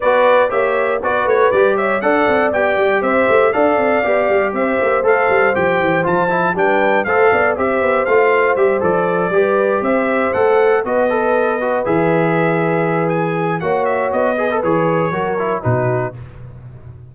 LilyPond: <<
  \new Staff \with { instrumentName = "trumpet" } { \time 4/4 \tempo 4 = 119 d''4 e''4 d''8 cis''8 d''8 e''8 | fis''4 g''4 e''4 f''4~ | f''4 e''4 f''4 g''4 | a''4 g''4 f''4 e''4 |
f''4 e''8 d''2 e''8~ | e''8 fis''4 dis''2 e''8~ | e''2 gis''4 fis''8 e''8 | dis''4 cis''2 b'4 | }
  \new Staff \with { instrumentName = "horn" } { \time 4/4 b'4 cis''4 b'4. cis''8 | d''2 c''4 d''4~ | d''4 c''2.~ | c''4 b'4 c''8 d''8 c''4~ |
c''2~ c''8 b'4 c''8~ | c''4. b'2~ b'8~ | b'2. cis''4~ | cis''8 b'4. ais'4 fis'4 | }
  \new Staff \with { instrumentName = "trombone" } { \time 4/4 fis'4 g'4 fis'4 g'4 | a'4 g'2 a'4 | g'2 a'4 g'4 | f'8 e'8 d'4 a'4 g'4 |
f'4 g'8 a'4 g'4.~ | g'8 a'4 fis'8 a'4 fis'8 gis'8~ | gis'2. fis'4~ | fis'8 gis'16 a'16 gis'4 fis'8 e'8 dis'4 | }
  \new Staff \with { instrumentName = "tuba" } { \time 4/4 b4 ais4 b8 a8 g4 | d'8 c'8 b8 g8 c'8 a8 d'8 c'8 | b8 g8 c'8 ais8 a8 g8 f8 e8 | f4 g4 a8 b8 c'8 b8 |
a4 g8 f4 g4 c'8~ | c'8 a4 b2 e8~ | e2. ais4 | b4 e4 fis4 b,4 | }
>>